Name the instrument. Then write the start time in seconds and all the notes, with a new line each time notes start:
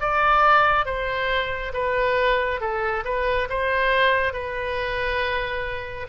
oboe
0.00 D5
0.85 C5
1.73 B4
2.60 A4
3.04 B4
3.49 C5
4.33 B4